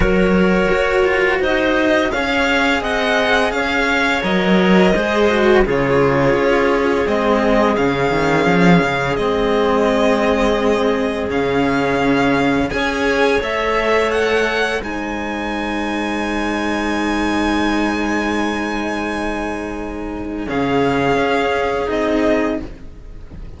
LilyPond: <<
  \new Staff \with { instrumentName = "violin" } { \time 4/4 \tempo 4 = 85 cis''2 dis''4 f''4 | fis''4 f''4 dis''2 | cis''2 dis''4 f''4~ | f''4 dis''2. |
f''2 gis''4 e''4 | fis''4 gis''2.~ | gis''1~ | gis''4 f''2 dis''4 | }
  \new Staff \with { instrumentName = "clarinet" } { \time 4/4 ais'2 c''4 cis''4 | dis''4 cis''2 c''4 | gis'1~ | gis'1~ |
gis'2 cis''2~ | cis''4 c''2.~ | c''1~ | c''4 gis'2. | }
  \new Staff \with { instrumentName = "cello" } { \time 4/4 fis'2. gis'4~ | gis'2 ais'4 gis'8 fis'8 | f'2 c'4 cis'4~ | cis'4 c'2. |
cis'2 gis'4 a'4~ | a'4 dis'2.~ | dis'1~ | dis'4 cis'2 dis'4 | }
  \new Staff \with { instrumentName = "cello" } { \time 4/4 fis4 fis'8 f'8 dis'4 cis'4 | c'4 cis'4 fis4 gis4 | cis4 cis'4 gis4 cis8 dis8 | f8 cis8 gis2. |
cis2 cis'4 a4~ | a4 gis2.~ | gis1~ | gis4 cis4 cis'4 c'4 | }
>>